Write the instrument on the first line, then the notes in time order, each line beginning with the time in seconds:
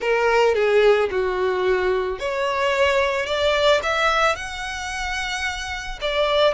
violin
0.00 A#4
0.55 G#4
1.10 F#4
2.19 C#5
3.26 D5
3.82 E5
4.35 F#5
6.01 D5